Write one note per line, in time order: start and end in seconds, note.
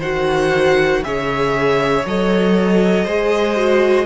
0.00 1.02 D#3
0.00 1.04 F#4
0.00 1.02 C5
0.00 1.04 F#5
1.04 2.06 C#3
1.04 2.06 G#4
1.04 3.05 C#5
1.04 2.06 E5
2.06 3.06 F#3
2.06 3.08 A4
2.06 4.06 D#5
3.05 4.06 G#3
3.05 3.57 G#4
3.05 4.06 C5
3.57 4.06 F#4